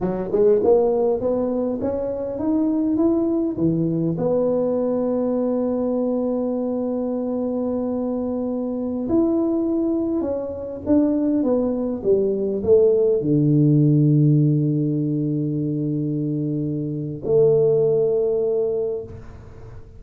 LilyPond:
\new Staff \with { instrumentName = "tuba" } { \time 4/4 \tempo 4 = 101 fis8 gis8 ais4 b4 cis'4 | dis'4 e'4 e4 b4~ | b1~ | b2.~ b16 e'8.~ |
e'4~ e'16 cis'4 d'4 b8.~ | b16 g4 a4 d4.~ d16~ | d1~ | d4 a2. | }